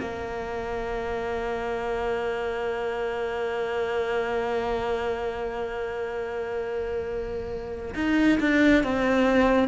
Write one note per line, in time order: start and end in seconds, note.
0.00 7.94 A#3
7.95 8.39 D#4
8.39 8.84 D4
8.84 9.68 C4